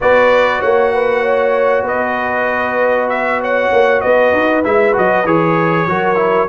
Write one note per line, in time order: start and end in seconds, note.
0.00 0.62 B3
0.00 4.64 F#4
0.00 0.60 B4
0.00 0.61 D5
0.60 1.83 A#3
0.60 0.91 C#5
0.60 1.85 F#5
0.93 1.21 B4
1.21 1.83 C#5
1.83 3.68 B3
1.83 3.37 B4
1.83 3.09 D#5
3.09 3.40 E5
3.41 4.02 C#5
3.41 4.00 F#5
3.72 4.02 A#3
4.00 4.32 B3
4.00 5.87 B4
4.00 4.62 D#5
4.32 4.63 D#4
4.64 4.96 G#3
4.64 4.93 E4
4.64 4.95 E5
4.93 5.24 F#3
4.93 5.23 F#4
4.93 5.26 D#5
5.24 5.86 E3
5.24 5.88 G#4
5.24 6.48 C#5
5.86 6.48 F#3
5.86 6.15 F#4
5.86 6.48 A#4
6.15 6.46 E4